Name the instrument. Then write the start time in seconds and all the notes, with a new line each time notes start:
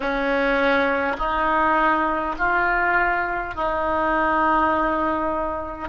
oboe
0.00 C#4
1.18 D#4
2.38 F4
3.55 D#4